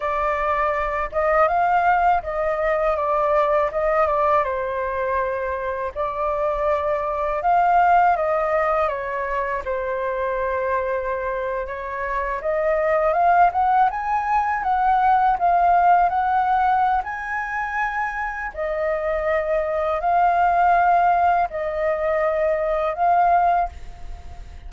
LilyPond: \new Staff \with { instrumentName = "flute" } { \time 4/4 \tempo 4 = 81 d''4. dis''8 f''4 dis''4 | d''4 dis''8 d''8 c''2 | d''2 f''4 dis''4 | cis''4 c''2~ c''8. cis''16~ |
cis''8. dis''4 f''8 fis''8 gis''4 fis''16~ | fis''8. f''4 fis''4~ fis''16 gis''4~ | gis''4 dis''2 f''4~ | f''4 dis''2 f''4 | }